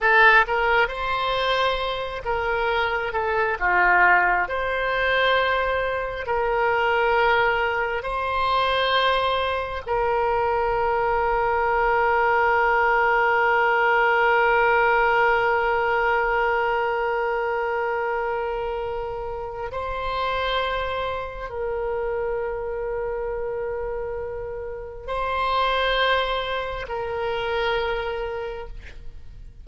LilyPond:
\new Staff \with { instrumentName = "oboe" } { \time 4/4 \tempo 4 = 67 a'8 ais'8 c''4. ais'4 a'8 | f'4 c''2 ais'4~ | ais'4 c''2 ais'4~ | ais'1~ |
ais'1~ | ais'2 c''2 | ais'1 | c''2 ais'2 | }